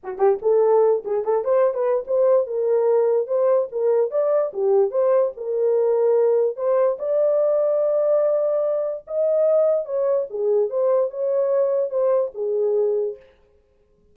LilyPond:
\new Staff \with { instrumentName = "horn" } { \time 4/4 \tempo 4 = 146 fis'8 g'8 a'4. gis'8 a'8 c''8~ | c''16 b'8. c''4 ais'2 | c''4 ais'4 d''4 g'4 | c''4 ais'2. |
c''4 d''2.~ | d''2 dis''2 | cis''4 gis'4 c''4 cis''4~ | cis''4 c''4 gis'2 | }